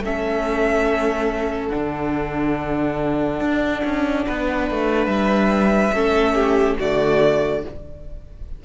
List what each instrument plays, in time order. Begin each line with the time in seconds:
0.00 cello A3, viola C#4, violin A4 E5
1.69 cello D3, viola D4, violin F#5
3.41 cello D4
3.85 cello C#4
4.27 cello B3, violin B4
4.71 cello A3
5.07 cello G3, violin E5
5.93 cello A3, viola C#4, violin A4
6.35 violin G4
6.79 cello D3, viola A3, violin F#4 D5